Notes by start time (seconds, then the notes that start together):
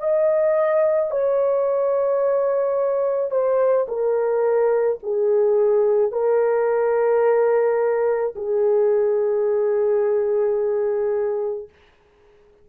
0.00 D#5
1.11 C#5
3.31 C5
3.88 A#4
5.03 G#4
6.12 A#4
8.36 G#4